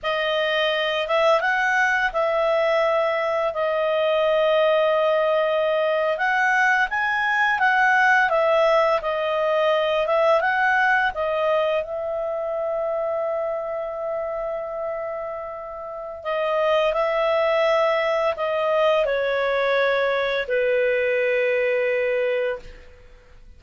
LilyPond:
\new Staff \with { instrumentName = "clarinet" } { \time 4/4 \tempo 4 = 85 dis''4. e''8 fis''4 e''4~ | e''4 dis''2.~ | dis''8. fis''4 gis''4 fis''4 e''16~ | e''8. dis''4. e''8 fis''4 dis''16~ |
dis''8. e''2.~ e''16~ | e''2. dis''4 | e''2 dis''4 cis''4~ | cis''4 b'2. | }